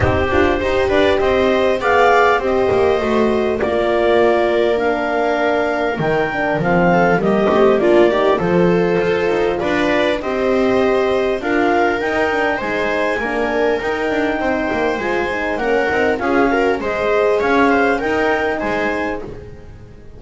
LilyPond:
<<
  \new Staff \with { instrumentName = "clarinet" } { \time 4/4 \tempo 4 = 100 c''4. d''8 dis''4 f''4 | dis''2 d''2 | f''2 g''4 f''4 | dis''4 d''4 c''2 |
d''4 dis''2 f''4 | g''4 gis''2 g''4~ | g''4 gis''4 fis''4 f''4 | dis''4 f''4 g''4 gis''4 | }
  \new Staff \with { instrumentName = "viola" } { \time 4/4 g'4 c''8 b'8 c''4 d''4 | c''2 ais'2~ | ais'2.~ ais'8 a'8 | g'4 f'8 g'8 a'2 |
b'4 c''2 ais'4~ | ais'4 c''4 ais'2 | c''2 ais'4 gis'8 ais'8 | c''4 cis''8 c''8 ais'4 c''4 | }
  \new Staff \with { instrumentName = "horn" } { \time 4/4 dis'8 f'8 g'2 gis'4 | g'4 fis'4 f'2 | d'2 dis'8 d'8 c'4 | ais8 c'8 d'8 dis'8 f'2~ |
f'4 g'2 f'4 | dis'8 d'8 dis'4 d'4 dis'4~ | dis'4 f'8 dis'8 cis'8 dis'8 f'8 fis'8 | gis'2 dis'2 | }
  \new Staff \with { instrumentName = "double bass" } { \time 4/4 c'8 d'8 dis'8 d'8 c'4 b4 | c'8 ais8 a4 ais2~ | ais2 dis4 f4 | g8 a8 ais4 f4 f'8 dis'8 |
d'4 c'2 d'4 | dis'4 gis4 ais4 dis'8 d'8 | c'8 ais8 gis4 ais8 c'8 cis'4 | gis4 cis'4 dis'4 gis4 | }
>>